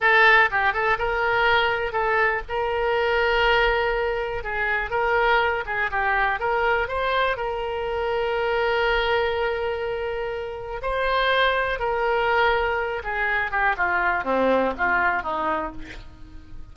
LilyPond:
\new Staff \with { instrumentName = "oboe" } { \time 4/4 \tempo 4 = 122 a'4 g'8 a'8 ais'2 | a'4 ais'2.~ | ais'4 gis'4 ais'4. gis'8 | g'4 ais'4 c''4 ais'4~ |
ais'1~ | ais'2 c''2 | ais'2~ ais'8 gis'4 g'8 | f'4 c'4 f'4 dis'4 | }